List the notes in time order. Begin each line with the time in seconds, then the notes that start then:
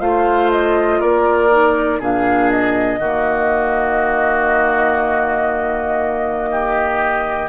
0.00 A3 F4 C5 F5
0.51 D#5
1.00 A#3 A#4 D5
1.50 D#4
1.99 A#2 D4 G#4 F5
2.51 D#5
2.99 D#3 A#3 F#4
6.51 G4